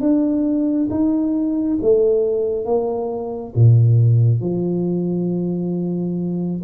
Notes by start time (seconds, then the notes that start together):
0.00 D4
0.90 D#4
1.81 A3
2.65 A#3
3.55 A#2
4.41 F3